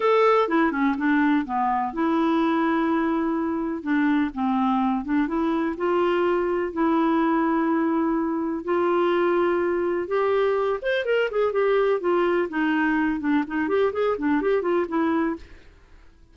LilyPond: \new Staff \with { instrumentName = "clarinet" } { \time 4/4 \tempo 4 = 125 a'4 e'8 cis'8 d'4 b4 | e'1 | d'4 c'4. d'8 e'4 | f'2 e'2~ |
e'2 f'2~ | f'4 g'4. c''8 ais'8 gis'8 | g'4 f'4 dis'4. d'8 | dis'8 g'8 gis'8 d'8 g'8 f'8 e'4 | }